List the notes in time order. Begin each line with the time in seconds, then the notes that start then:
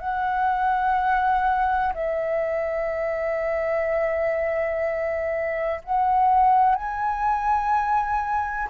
0.00 F#5
1.94 E5
5.84 F#5
6.76 G#5